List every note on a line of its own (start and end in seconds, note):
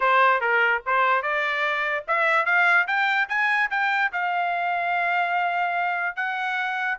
0.00 0.40 C5
0.40 0.81 A#4
0.86 1.22 C5
1.22 2.04 D5
2.07 2.45 E5
2.45 2.87 F5
2.87 3.28 G5
3.28 3.69 G#5
3.70 4.11 G5
4.12 6.16 F5
6.16 6.98 F#5